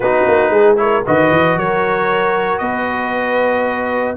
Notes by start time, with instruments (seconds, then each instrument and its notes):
0.00 tuba B3, trombone D#4, horn F#4, trumpet B4
0.27 tuba A#3
0.49 tuba G#3, horn G#4
0.76 trombone E4, horn A#4, trumpet C#5
1.05 tuba D#3, trombone F#4, horn B4, trumpet D#5
1.31 tuba E3
1.56 tuba F#3, horn A#4, trumpet C#5
2.58 tuba B3, horn B4, trumpet D#5